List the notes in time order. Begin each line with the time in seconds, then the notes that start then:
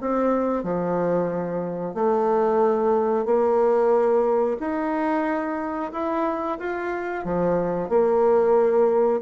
0.00 C4
0.63 F3
1.94 A3
3.25 A#3
4.59 D#4
5.92 E4
6.59 F4
7.24 F3
7.89 A#3